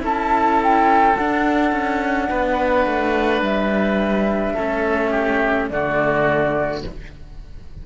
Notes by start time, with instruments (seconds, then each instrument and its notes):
0.00 cello C#4 E4, oboe A4, flute A5
0.63 flute G5
1.17 cello D4, flute F#5
1.72 cello C#4
2.29 cello B3, oboe B4
2.86 cello A3
3.42 cello G3, flute E5
4.54 cello A3 C#4, oboe A4
5.11 oboe G4
5.69 cello D3 A3, oboe F#4, flute D5